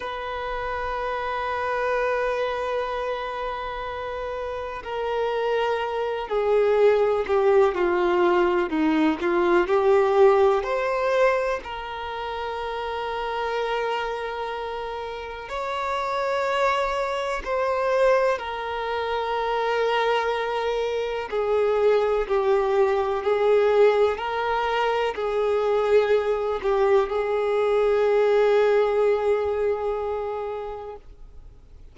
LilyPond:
\new Staff \with { instrumentName = "violin" } { \time 4/4 \tempo 4 = 62 b'1~ | b'4 ais'4. gis'4 g'8 | f'4 dis'8 f'8 g'4 c''4 | ais'1 |
cis''2 c''4 ais'4~ | ais'2 gis'4 g'4 | gis'4 ais'4 gis'4. g'8 | gis'1 | }